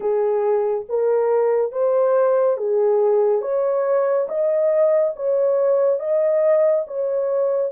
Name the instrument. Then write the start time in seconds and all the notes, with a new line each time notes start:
horn
0.00 G#4
0.88 A#4
1.71 C5
2.57 G#4
3.41 C#5
4.28 D#5
5.15 C#5
5.99 D#5
6.86 C#5